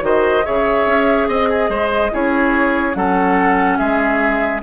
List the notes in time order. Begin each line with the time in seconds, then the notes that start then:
0.00 D#3 F#4 C5 D#5
0.44 C#3 G#4 C#5 E5
0.86 C#4
1.27 C4 D#5
1.49 G#4
1.69 G#3 C5
2.11 C#4 E4 G#4 C#5
2.94 F#3 C#4 A4 F#5
3.77 G#3 G#4 E5